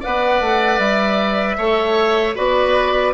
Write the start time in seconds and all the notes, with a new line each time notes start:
0.00 B3 B4 D5 F#5
0.40 A3
0.78 G3 E5
1.57 A3 A4 C#5
2.35 B3 F#4 B4 D5